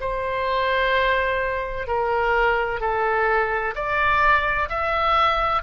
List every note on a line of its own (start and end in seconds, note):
0.00 1.87 C5
1.87 2.80 A#4
2.80 3.74 A4
3.75 4.69 D5
4.69 5.62 E5